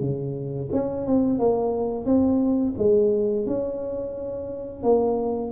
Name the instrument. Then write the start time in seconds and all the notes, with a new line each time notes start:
tuba
0.00 C#3
0.72 C#4
1.06 C4
1.39 A#3
2.05 C4
2.77 G#3
3.46 C#4
4.83 A#3